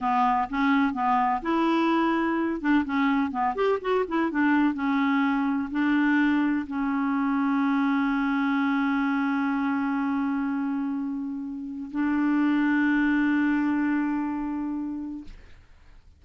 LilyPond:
\new Staff \with { instrumentName = "clarinet" } { \time 4/4 \tempo 4 = 126 b4 cis'4 b4 e'4~ | e'4. d'8 cis'4 b8 g'8 | fis'8 e'8 d'4 cis'2 | d'2 cis'2~ |
cis'1~ | cis'1~ | cis'4 d'2.~ | d'1 | }